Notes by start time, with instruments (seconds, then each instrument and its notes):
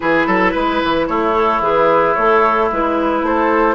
0.00 bassoon E3, clarinet E4, oboe G#4, flute B4
0.26 bassoon F#3, oboe A4
0.52 bassoon G#3, oboe B4
0.83 bassoon E3
1.07 bassoon A3, oboe E4, flute C#5
1.34 clarinet A4
1.60 bassoon E3, clarinet G#4, flute B4
2.15 bassoon A3, clarinet A4, flute C#5
2.71 bassoon G#3, clarinet E4, flute B4
3.22 bassoon A3, oboe A4, flute C5